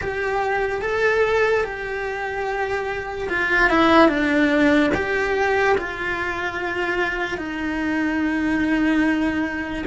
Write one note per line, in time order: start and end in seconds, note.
0.01 0.81 G4
0.81 1.64 A4
1.64 3.28 G4
3.29 3.69 F4
3.69 4.08 E4
4.08 4.90 D4
4.94 5.76 G4
5.77 7.37 F4
7.37 9.84 D#4